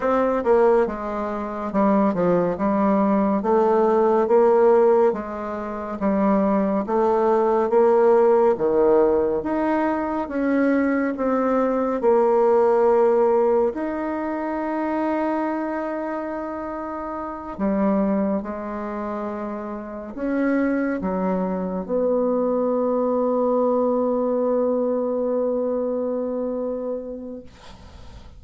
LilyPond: \new Staff \with { instrumentName = "bassoon" } { \time 4/4 \tempo 4 = 70 c'8 ais8 gis4 g8 f8 g4 | a4 ais4 gis4 g4 | a4 ais4 dis4 dis'4 | cis'4 c'4 ais2 |
dis'1~ | dis'8 g4 gis2 cis'8~ | cis'8 fis4 b2~ b8~ | b1 | }